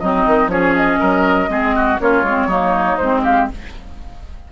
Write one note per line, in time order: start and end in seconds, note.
0.00 0.27 F#3
0.00 0.50 C4
0.00 0.51 D#4
0.00 0.50 D#5
0.27 0.47 D#3
0.47 0.97 F3
0.47 1.49 C#4
0.47 1.00 G#4
0.47 0.75 C#5
0.76 2.00 D#5
1.00 1.49 F#3
1.00 1.49 A#4
1.49 1.98 G#3
1.49 1.99 C4
1.49 1.76 G#4
1.76 2.01 F#4
2.00 2.24 A#3
2.00 2.25 C#4
2.00 2.47 F4
2.00 2.97 C#5
2.24 2.47 G#3
2.24 2.50 C4
2.47 2.96 F#3
2.47 2.99 A#3
2.47 3.22 D#4
2.97 3.51 G#3
2.97 3.52 C4
2.97 3.22 C5
3.23 3.48 G4
3.23 3.49 F5